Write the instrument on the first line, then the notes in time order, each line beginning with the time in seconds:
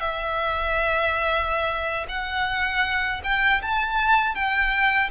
violin
0.00 E5
2.09 F#5
3.24 G5
3.62 A5
4.35 G5